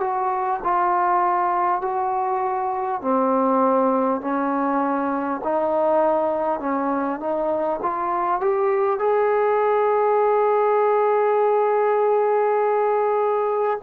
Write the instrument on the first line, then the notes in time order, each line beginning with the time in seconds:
trombone
0.00 F#4
0.63 F4
1.81 F#4
3.01 C4
4.21 C#4
5.43 D#4
6.59 C#4
7.19 D#4
7.82 F4
8.41 G4
8.98 G#4